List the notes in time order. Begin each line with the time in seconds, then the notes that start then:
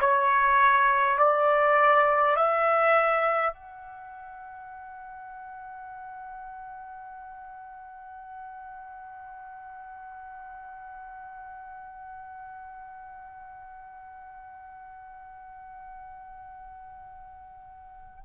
0.00 C#5
1.18 D5
2.35 E5
3.53 F#5